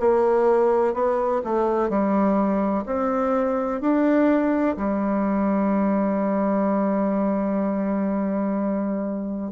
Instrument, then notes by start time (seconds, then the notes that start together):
bassoon
0.00 A#3
0.94 B3
1.44 A3
1.90 G3
2.86 C4
3.81 D4
4.77 G3